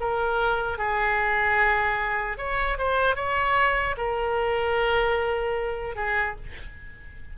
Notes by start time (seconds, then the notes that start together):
0.00 A#4
0.78 G#4
2.37 C#5
2.78 C5
3.16 C#5
3.97 A#4
5.95 G#4